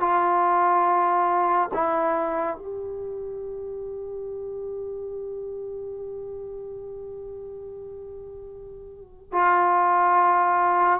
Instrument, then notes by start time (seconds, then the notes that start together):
trombone
0.00 F4
1.74 E4
2.57 G4
9.32 F4